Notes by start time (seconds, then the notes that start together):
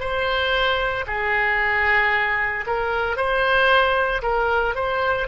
0.00 C5
1.08 G#4
2.67 A#4
3.17 C5
4.22 A#4
4.76 C5